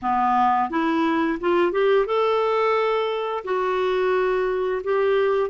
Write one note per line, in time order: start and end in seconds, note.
0.02 0.70 B3
0.70 1.39 E4
1.40 1.72 F4
1.72 2.06 G4
2.06 3.44 A4
3.44 4.82 F#4
4.83 5.50 G4